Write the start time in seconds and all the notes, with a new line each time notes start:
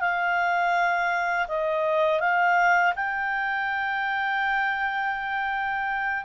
0.00 F5
1.48 D#5
2.21 F5
2.96 G5